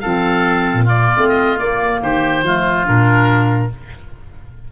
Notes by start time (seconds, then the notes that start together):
0.00 F3 C4 A4 F5
0.73 A#2
0.84 A#3 F4 D5
1.17 A3 C4
1.28 D#5
1.56 A#3 D5
2.02 D#3 G4 C5
2.43 F3 A3 F4
2.85 A#2 D4 A#4